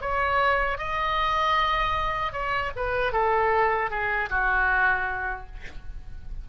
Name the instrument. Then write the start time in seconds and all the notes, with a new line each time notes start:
oboe
0.00 C#5
0.78 D#5
2.32 C#5
2.76 B4
3.12 A4
3.90 G#4
4.29 F#4